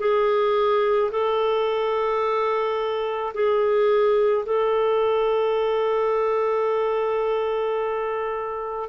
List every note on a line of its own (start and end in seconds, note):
0.00 1.11 G#4
1.11 3.33 A4
3.34 4.45 G#4
4.45 8.89 A4